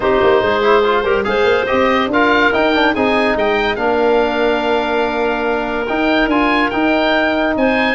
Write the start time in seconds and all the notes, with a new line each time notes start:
0.00 C4 D#4 G4 C5
0.22 A#3
0.42 G#3 G#4
0.62 E4
0.83 F4
1.03 G3 G4 A#4
1.23 G#3 G#4 C5 F5
1.44 A#3
1.66 C4 G4 D#5
2.07 D4 F4 A#4 F5
2.52 D#4 G5
2.74 D4
2.93 C4 D#4 G#4 G#5
3.34 G#3 D#5 G5
3.75 A#3 D4 A#4 F5
5.87 D#4 G5
6.26 D4 F4 G#5
6.70 D#4 G5
7.56 C4 C5 G#5